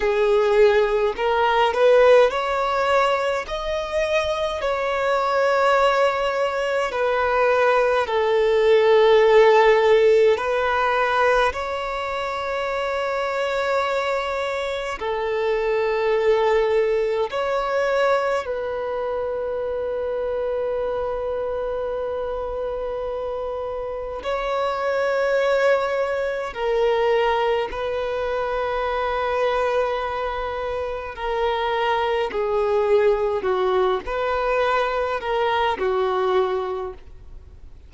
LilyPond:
\new Staff \with { instrumentName = "violin" } { \time 4/4 \tempo 4 = 52 gis'4 ais'8 b'8 cis''4 dis''4 | cis''2 b'4 a'4~ | a'4 b'4 cis''2~ | cis''4 a'2 cis''4 |
b'1~ | b'4 cis''2 ais'4 | b'2. ais'4 | gis'4 fis'8 b'4 ais'8 fis'4 | }